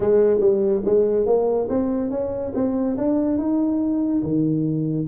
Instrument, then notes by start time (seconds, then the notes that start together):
tuba
0.00 G#3
0.40 G3
0.85 G#3
1.26 A#3
1.69 C4
2.10 C#4
2.54 C4
2.97 D4
3.38 D#4
4.22 D#3